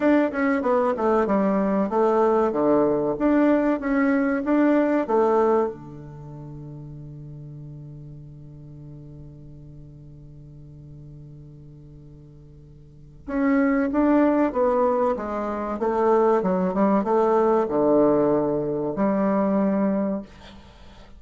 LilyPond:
\new Staff \with { instrumentName = "bassoon" } { \time 4/4 \tempo 4 = 95 d'8 cis'8 b8 a8 g4 a4 | d4 d'4 cis'4 d'4 | a4 d2.~ | d1~ |
d1~ | d4 cis'4 d'4 b4 | gis4 a4 fis8 g8 a4 | d2 g2 | }